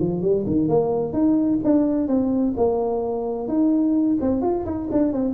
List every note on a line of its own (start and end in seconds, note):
0.00 0.22 F3
0.22 0.45 G3
0.47 0.69 D#3
0.69 1.13 A#3
1.13 1.60 D#4
1.64 2.08 D4
2.08 2.54 C4
2.57 3.48 A#3
3.48 4.18 D#4
4.21 4.42 C4
4.42 4.65 F4
4.66 4.89 D#4
4.92 5.13 D4
5.13 5.34 C4